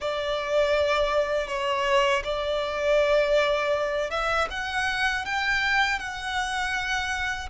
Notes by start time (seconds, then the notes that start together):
0.00 D5
1.47 C#5
2.23 D5
4.10 E5
4.50 F#5
5.25 G5
5.99 F#5